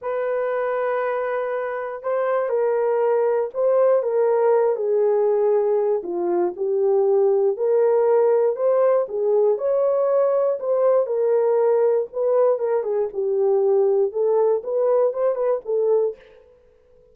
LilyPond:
\new Staff \with { instrumentName = "horn" } { \time 4/4 \tempo 4 = 119 b'1 | c''4 ais'2 c''4 | ais'4. gis'2~ gis'8 | f'4 g'2 ais'4~ |
ais'4 c''4 gis'4 cis''4~ | cis''4 c''4 ais'2 | b'4 ais'8 gis'8 g'2 | a'4 b'4 c''8 b'8 a'4 | }